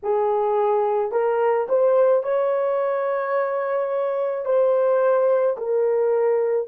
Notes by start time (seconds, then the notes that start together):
0.03 G#4
1.11 A#4
1.68 C5
2.23 C#5
4.45 C5
5.57 A#4